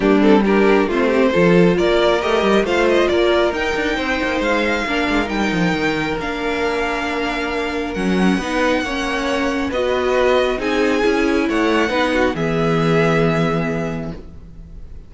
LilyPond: <<
  \new Staff \with { instrumentName = "violin" } { \time 4/4 \tempo 4 = 136 g'8 a'8 ais'4 c''2 | d''4 dis''4 f''8 dis''8 d''4 | g''2 f''2 | g''2 f''2~ |
f''2 fis''2~ | fis''2 dis''2 | gis''2 fis''2 | e''1 | }
  \new Staff \with { instrumentName = "violin" } { \time 4/4 d'4 g'4 f'8 g'8 a'4 | ais'2 c''4 ais'4~ | ais'4 c''2 ais'4~ | ais'1~ |
ais'2. b'4 | cis''2 b'2 | gis'2 cis''4 b'8 fis'8 | gis'1 | }
  \new Staff \with { instrumentName = "viola" } { \time 4/4 ais8 c'8 d'4 c'4 f'4~ | f'4 g'4 f'2 | dis'2. d'4 | dis'2 d'2~ |
d'2 cis'4 dis'4 | cis'2 fis'2 | dis'4 e'2 dis'4 | b1 | }
  \new Staff \with { instrumentName = "cello" } { \time 4/4 g2 a4 f4 | ais4 a8 g8 a4 ais4 | dis'8 d'8 c'8 ais8 gis4 ais8 gis8 | g8 f8 dis4 ais2~ |
ais2 fis4 b4 | ais2 b2 | c'4 cis'4 a4 b4 | e1 | }
>>